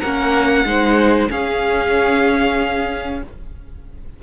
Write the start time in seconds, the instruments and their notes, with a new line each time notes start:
0.00 cello A#3, viola C#4, violin A#4 F#5
0.65 cello G#3, viola D#4, violin C5
1.28 viola C#4, cello C#4, violin G#4 F5